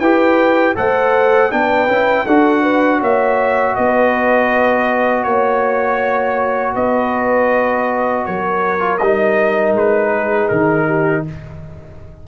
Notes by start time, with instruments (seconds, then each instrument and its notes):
0.00 tuba E4, trombone G4, horn B4, trumpet G5
0.76 tuba A3, trombone A4, horn C5, trumpet F#5
1.51 tuba B3, trombone D4, horn B4, trumpet G5
1.88 tuba C#4, trombone E4
2.25 tuba D4, trombone F#4, horn A4, trumpet F#5
2.62 horn B4
3.00 tuba A#3, horn C#5, trumpet E5
3.76 tuba B3, horn B4, trumpet D#5
5.23 tuba A#3, trumpet C#5, horn C#5
6.74 tuba B3, horn B4, trumpet D#5
8.25 tuba F#3, horn A#4, trumpet C#5
8.79 trombone F4
8.98 tuba G3, trombone D#4, trumpet D#5
9.73 tuba G#3, trumpet B4
10.16 horn G#4
10.49 tuba D#3, trumpet A#4
10.86 horn G4